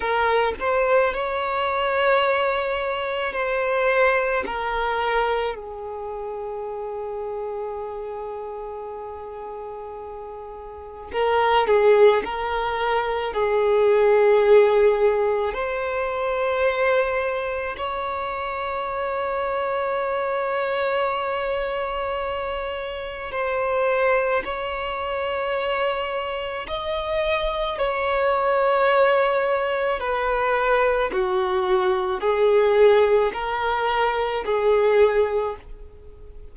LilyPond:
\new Staff \with { instrumentName = "violin" } { \time 4/4 \tempo 4 = 54 ais'8 c''8 cis''2 c''4 | ais'4 gis'2.~ | gis'2 ais'8 gis'8 ais'4 | gis'2 c''2 |
cis''1~ | cis''4 c''4 cis''2 | dis''4 cis''2 b'4 | fis'4 gis'4 ais'4 gis'4 | }